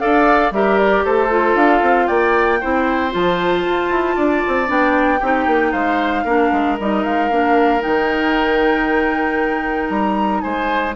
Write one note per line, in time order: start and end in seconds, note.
0.00 0.51 D4
0.00 0.52 A4
0.00 0.54 D5
0.00 0.52 F5
0.51 1.03 G3
0.51 1.30 G4
0.51 1.05 A#4
0.51 0.79 E5
0.79 1.05 D5
1.05 1.55 A3
1.05 2.07 A4
1.05 1.57 C5
1.30 2.60 F4
1.55 1.82 D4
1.55 2.08 F5
1.82 2.08 C4
2.07 2.62 A#3
2.07 2.60 D5
2.07 3.12 G5
2.61 3.14 C4
2.61 3.11 E4
2.61 4.16 C5
3.11 3.66 F3
3.11 4.67 F4
3.11 4.71 A5
3.66 3.90 F4
3.90 4.16 E4
4.16 4.43 D4
4.16 5.20 D5
4.48 4.69 C4
4.67 5.21 B3
4.67 5.19 D4
4.67 5.73 G5
5.20 5.47 C4
5.20 6.27 D#4
5.20 5.72 G4
5.47 5.73 A#3
5.72 6.24 G#3
5.72 6.24 C5
5.72 6.77 F5
6.24 6.51 A#3
6.24 6.79 D4
6.24 10.42 A#4
6.53 6.79 G#3
6.80 7.05 G3
6.80 7.31 D#4
6.80 7.04 D#5
7.04 7.31 G#3
7.04 7.82 F5
7.31 7.83 A#3
7.31 7.80 D4
7.80 9.90 D#3
7.80 10.93 D#4
7.80 9.89 G5
9.89 10.42 G3
9.89 10.41 A#5
10.41 10.96 G#3
10.41 10.96 C5
10.41 10.93 G#5